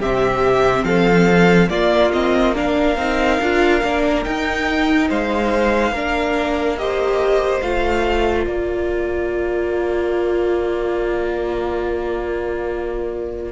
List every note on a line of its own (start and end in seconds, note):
0.00 0.84 C3
0.00 1.70 C4
0.00 0.85 G4
0.00 0.85 E5
0.84 1.68 F3
0.84 1.70 A4
0.84 1.69 F5
1.70 2.13 A#3
1.70 2.97 A#3
1.70 2.55 F4
1.70 2.12 D5
2.12 2.55 C4
2.12 2.55 D#5
2.55 2.97 D4
2.55 5.09 A#4
2.55 4.24 F5
2.97 3.39 C4
2.97 3.42 D#4
3.41 3.83 D4
3.41 3.83 F4
3.83 4.26 A#3
3.83 4.25 D4
4.24 5.94 D#4
4.24 5.11 D#4
4.24 5.09 G5
5.09 5.92 G#3
5.09 5.93 C5
5.09 6.78 F5
5.92 7.61 A#3
5.92 6.78 D4
5.92 6.77 A#4
6.78 7.62 G4
6.78 8.49 C5
6.78 7.62 D#5
7.62 8.46 A3
7.62 13.52 F4
7.62 8.46 F5
8.46 13.52 A#3
8.46 13.52 A#4
8.46 13.52 D5